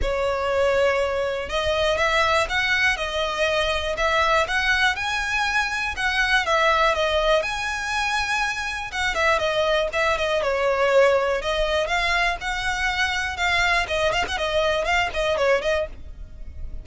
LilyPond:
\new Staff \with { instrumentName = "violin" } { \time 4/4 \tempo 4 = 121 cis''2. dis''4 | e''4 fis''4 dis''2 | e''4 fis''4 gis''2 | fis''4 e''4 dis''4 gis''4~ |
gis''2 fis''8 e''8 dis''4 | e''8 dis''8 cis''2 dis''4 | f''4 fis''2 f''4 | dis''8 f''16 fis''16 dis''4 f''8 dis''8 cis''8 dis''8 | }